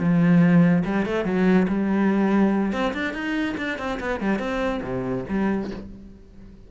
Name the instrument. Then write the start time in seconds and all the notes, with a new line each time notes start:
cello
0.00 F3
0.85 G3
1.06 A3
1.25 F#3
1.68 G3
2.73 C4
2.94 D4
3.14 D#4
3.58 D4
3.79 C4
4.00 B3
4.21 G3
4.39 C4
4.83 C3
5.29 G3